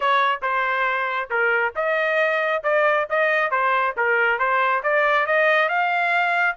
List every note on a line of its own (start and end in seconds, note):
0.00 0.41 C#5
0.42 1.29 C5
1.30 1.74 A#4
1.75 2.63 D#5
2.63 3.07 D5
3.09 3.51 D#5
3.51 3.94 C5
3.96 4.38 A#4
4.38 4.82 C5
4.83 5.26 D5
5.26 5.68 D#5
5.68 6.56 F5